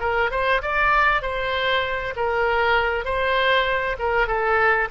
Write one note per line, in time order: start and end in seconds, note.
0.00 0.31 A#4
0.31 0.62 C5
0.62 1.22 D5
1.22 2.14 C5
2.16 3.05 A#4
3.05 3.97 C5
3.99 4.27 A#4
4.27 4.88 A4